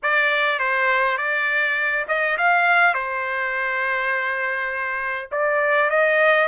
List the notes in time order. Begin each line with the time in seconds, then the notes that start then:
0.02 D5
0.59 C5
1.17 D5
2.07 D#5
2.37 F5
2.94 C5
5.31 D5
5.90 D#5